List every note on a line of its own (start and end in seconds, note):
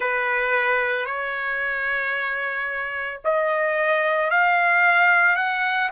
0.00 1.05 B4
1.05 3.19 C#5
3.24 4.30 D#5
4.30 5.36 F5
5.36 5.89 F#5